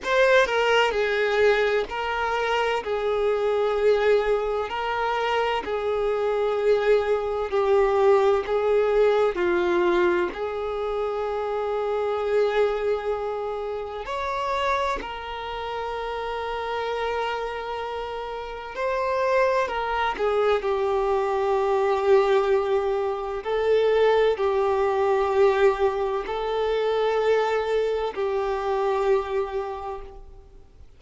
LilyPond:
\new Staff \with { instrumentName = "violin" } { \time 4/4 \tempo 4 = 64 c''8 ais'8 gis'4 ais'4 gis'4~ | gis'4 ais'4 gis'2 | g'4 gis'4 f'4 gis'4~ | gis'2. cis''4 |
ais'1 | c''4 ais'8 gis'8 g'2~ | g'4 a'4 g'2 | a'2 g'2 | }